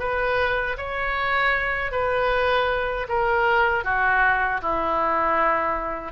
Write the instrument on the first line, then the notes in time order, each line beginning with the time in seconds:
oboe
0.00 B4
0.78 C#5
1.92 B4
3.09 A#4
3.85 F#4
4.62 E4